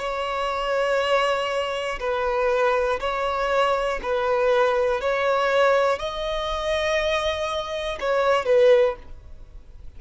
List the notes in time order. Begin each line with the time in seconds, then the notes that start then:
0.00 C#5
2.00 B4
3.00 C#5
4.03 B4
5.01 C#5
5.99 D#5
8.00 C#5
8.46 B4